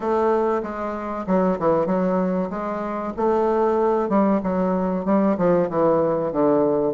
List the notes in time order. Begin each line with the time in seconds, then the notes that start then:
0.00 A3
0.62 G#3
1.27 F#3
1.59 E3
1.86 F#3
2.49 G#3
3.16 A3
4.09 G3
4.43 F#3
5.05 G3
5.37 F3
5.69 E3
6.32 D3